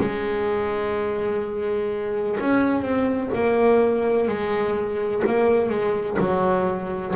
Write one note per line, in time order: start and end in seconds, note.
0.00 2.38 G#3
2.40 2.82 C#4
2.82 3.29 C4
3.34 4.28 A#3
4.28 5.23 G#3
5.26 5.69 A#3
5.69 6.17 G#3
6.19 7.14 F#3